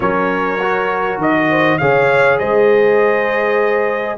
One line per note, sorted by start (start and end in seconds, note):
0.00 1.17 F#3
0.00 0.59 C#4
0.00 1.49 A#4
0.00 1.20 C#5
0.61 1.80 F#4
1.17 1.77 D#3
1.17 1.78 D#5
1.49 1.79 C5
1.78 2.39 C#3
1.78 4.18 G#4
1.78 2.39 C#5
1.78 2.38 F5
2.38 4.18 G#3
2.38 4.18 C5
2.38 4.18 D#5